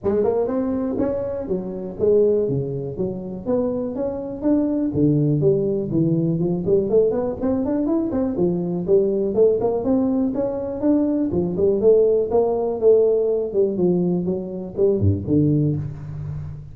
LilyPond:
\new Staff \with { instrumentName = "tuba" } { \time 4/4 \tempo 4 = 122 gis8 ais8 c'4 cis'4 fis4 | gis4 cis4 fis4 b4 | cis'4 d'4 d4 g4 | e4 f8 g8 a8 b8 c'8 d'8 |
e'8 c'8 f4 g4 a8 ais8 | c'4 cis'4 d'4 f8 g8 | a4 ais4 a4. g8 | f4 fis4 g8 g,8 d4 | }